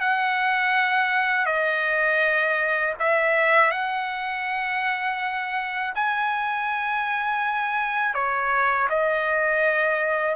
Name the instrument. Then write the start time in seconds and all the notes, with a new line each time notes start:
trumpet
0.00 F#5
1.46 D#5
2.99 E5
3.71 F#5
5.95 G#5
8.14 C#5
8.89 D#5